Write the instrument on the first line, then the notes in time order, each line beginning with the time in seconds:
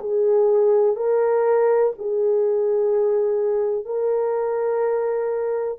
horn
0.00 G#4
0.96 A#4
1.98 G#4
3.85 A#4